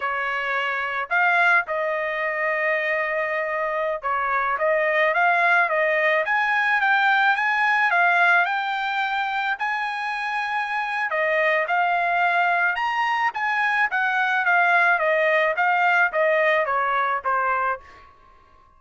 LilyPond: \new Staff \with { instrumentName = "trumpet" } { \time 4/4 \tempo 4 = 108 cis''2 f''4 dis''4~ | dis''2.~ dis''16 cis''8.~ | cis''16 dis''4 f''4 dis''4 gis''8.~ | gis''16 g''4 gis''4 f''4 g''8.~ |
g''4~ g''16 gis''2~ gis''8. | dis''4 f''2 ais''4 | gis''4 fis''4 f''4 dis''4 | f''4 dis''4 cis''4 c''4 | }